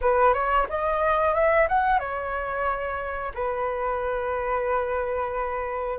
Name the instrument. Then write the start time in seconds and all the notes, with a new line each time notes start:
flute
0.01 B4
0.33 C#5
0.68 D#5
1.34 E5
1.68 F#5
1.99 C#5
3.34 B4